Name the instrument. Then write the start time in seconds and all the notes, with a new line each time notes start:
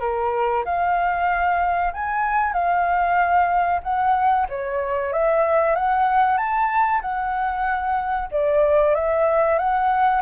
flute
0.00 A#4
0.65 F5
1.93 G#5
2.53 F5
3.83 F#5
4.49 C#5
5.12 E5
5.75 F#5
6.37 A5
7.01 F#5
8.31 D5
8.94 E5
9.58 F#5